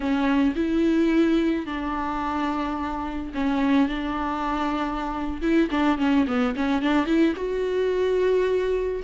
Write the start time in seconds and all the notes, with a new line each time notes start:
0.00 C#4
0.55 E4
1.65 D4
3.34 C#4
3.88 D4
5.41 E4
5.70 D4
5.98 C#4
6.27 B3
6.56 C#4
6.82 D4
7.06 E4
7.36 F#4